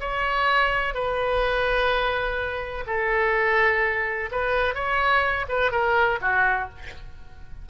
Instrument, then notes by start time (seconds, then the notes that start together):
oboe
0.00 C#5
0.94 B4
2.87 A4
4.31 B4
4.74 C#5
5.48 B4
5.71 A#4
6.21 F#4